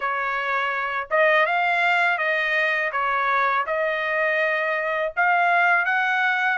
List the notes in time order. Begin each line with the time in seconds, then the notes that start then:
0.00 C#5
1.10 D#5
1.45 F5
2.18 D#5
2.91 C#5
3.66 D#5
5.16 F5
5.85 F#5